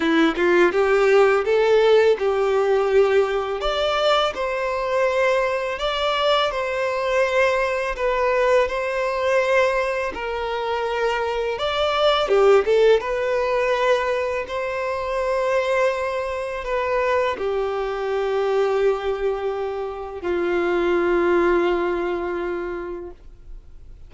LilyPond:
\new Staff \with { instrumentName = "violin" } { \time 4/4 \tempo 4 = 83 e'8 f'8 g'4 a'4 g'4~ | g'4 d''4 c''2 | d''4 c''2 b'4 | c''2 ais'2 |
d''4 g'8 a'8 b'2 | c''2. b'4 | g'1 | f'1 | }